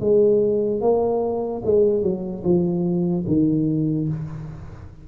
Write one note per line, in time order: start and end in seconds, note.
0.00 0.81 G#3
0.81 1.62 A#3
1.65 2.02 G#3
2.02 2.43 F#3
2.44 3.25 F3
3.27 4.08 D#3